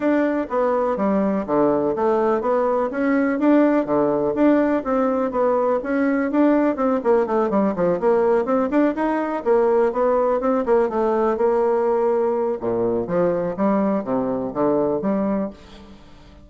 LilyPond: \new Staff \with { instrumentName = "bassoon" } { \time 4/4 \tempo 4 = 124 d'4 b4 g4 d4 | a4 b4 cis'4 d'4 | d4 d'4 c'4 b4 | cis'4 d'4 c'8 ais8 a8 g8 |
f8 ais4 c'8 d'8 dis'4 ais8~ | ais8 b4 c'8 ais8 a4 ais8~ | ais2 ais,4 f4 | g4 c4 d4 g4 | }